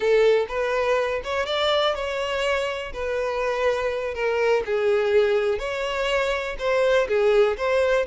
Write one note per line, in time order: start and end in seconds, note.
0.00 0.46 A4
0.48 1.21 B4
1.24 1.46 C#5
1.46 1.94 D5
1.94 2.92 C#5
2.93 4.14 B4
4.14 4.63 A#4
4.65 5.59 G#4
5.59 6.56 C#5
6.59 7.07 C5
7.08 7.56 G#4
7.57 8.06 C5